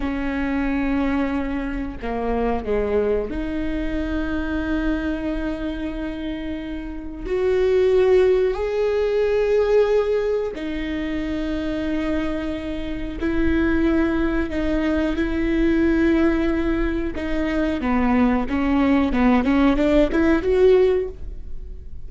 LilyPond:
\new Staff \with { instrumentName = "viola" } { \time 4/4 \tempo 4 = 91 cis'2. ais4 | gis4 dis'2.~ | dis'2. fis'4~ | fis'4 gis'2. |
dis'1 | e'2 dis'4 e'4~ | e'2 dis'4 b4 | cis'4 b8 cis'8 d'8 e'8 fis'4 | }